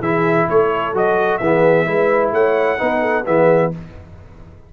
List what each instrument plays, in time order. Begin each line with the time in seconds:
0.00 tuba E3, trombone E4, horn G#4, trumpet E5
0.49 tuba A3, horn A4, trumpet C#5
0.94 tuba F#3, trombone F#4, trumpet D#5
1.38 tuba E3, trombone B3, horn G#4, trumpet E5
1.86 tuba G#3, trombone E4, horn B4
2.32 tuba A3, horn C#5, trumpet F#5
2.78 tuba B3, trombone D#4, horn B4
3.02 horn A4
3.26 tuba E3, trombone B3, horn G#4, trumpet E5